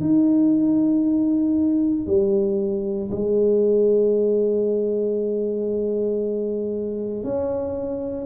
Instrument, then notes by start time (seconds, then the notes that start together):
tuba
0.00 D#4
2.06 G3
3.11 G#3
7.23 C#4